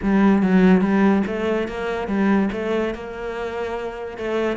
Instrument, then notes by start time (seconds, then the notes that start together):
cello
0.02 G3
0.42 F#3
0.81 G3
1.26 A3
1.68 A#3
2.07 G3
2.52 A3
2.94 A#3
4.17 A3